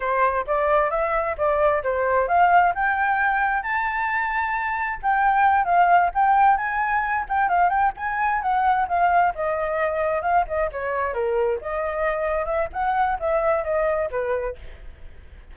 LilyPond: \new Staff \with { instrumentName = "flute" } { \time 4/4 \tempo 4 = 132 c''4 d''4 e''4 d''4 | c''4 f''4 g''2 | a''2. g''4~ | g''8 f''4 g''4 gis''4. |
g''8 f''8 g''8 gis''4 fis''4 f''8~ | f''8 dis''2 f''8 dis''8 cis''8~ | cis''8 ais'4 dis''2 e''8 | fis''4 e''4 dis''4 b'4 | }